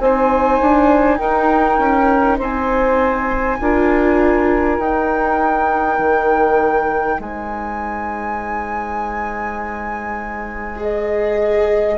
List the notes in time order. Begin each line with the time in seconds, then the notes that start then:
0.00 C4 D#4 C5 G#5
0.61 D4
1.18 D#4 A#4 G5
1.79 C#4
2.38 C4 C5 G#5
3.60 D4 F4 A#4
4.79 D#4 G5
5.99 D#3
7.19 G#3 C5 G#5
10.78 G#4 D#5